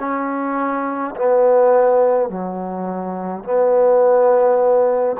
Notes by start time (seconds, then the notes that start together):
0.00 C#4
1.16 B3
2.30 F#3
3.44 B3